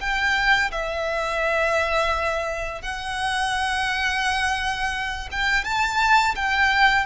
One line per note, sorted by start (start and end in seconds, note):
0.00 0.71 G5
0.71 2.81 E5
2.81 5.28 F#5
5.31 5.64 G5
5.64 6.35 A5
6.35 7.05 G5